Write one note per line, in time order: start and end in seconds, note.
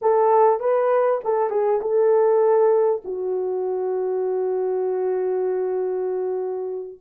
0.01 0.60 A4
0.60 1.20 B4
1.24 1.50 A4
1.50 1.80 G#4
1.81 3.02 A4
3.04 6.98 F#4